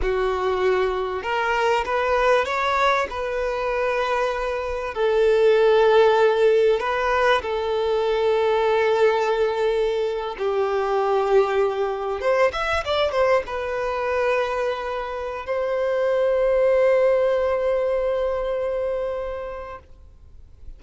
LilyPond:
\new Staff \with { instrumentName = "violin" } { \time 4/4 \tempo 4 = 97 fis'2 ais'4 b'4 | cis''4 b'2. | a'2. b'4 | a'1~ |
a'8. g'2. c''16~ | c''16 e''8 d''8 c''8 b'2~ b'16~ | b'4 c''2.~ | c''1 | }